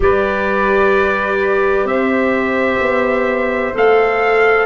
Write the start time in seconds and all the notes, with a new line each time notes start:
0.00 G3 G4 B4 D5
1.84 C4 C5 E5
2.79 B3
3.74 A3 A4 F5